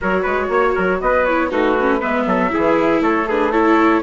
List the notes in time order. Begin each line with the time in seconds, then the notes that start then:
0.01 F#3 F#4 A#4 C#5
0.22 G#3 B4
0.48 A#3 C#5
0.74 F#3 A#4
1.00 B3 B4 D#5
1.24 E4 C#5
1.50 A3 D#4 F#4 B4
1.80 C#4
2.00 G#3 B3 B4 E5
2.26 F#3 A4
2.50 E4 G#4
2.56 E3
3.00 A3 A4 C#5
3.28 D4 G#4 B4
3.51 E4 A4 C#5